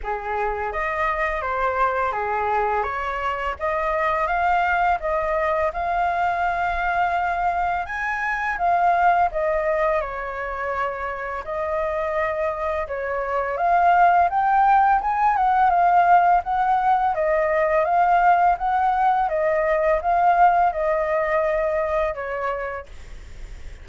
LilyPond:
\new Staff \with { instrumentName = "flute" } { \time 4/4 \tempo 4 = 84 gis'4 dis''4 c''4 gis'4 | cis''4 dis''4 f''4 dis''4 | f''2. gis''4 | f''4 dis''4 cis''2 |
dis''2 cis''4 f''4 | g''4 gis''8 fis''8 f''4 fis''4 | dis''4 f''4 fis''4 dis''4 | f''4 dis''2 cis''4 | }